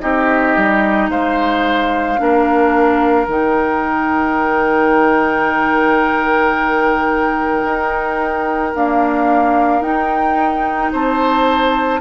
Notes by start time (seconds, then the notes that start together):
0.00 C4 D#4 G4 D#5
0.57 G3
1.10 G#3 C5 F5
2.17 A#3 D4 A#4
3.28 D#3 D#4 G5
7.65 D#4
8.75 A#3 D4 F5
9.82 D#4 G5
10.93 C4 C5 A5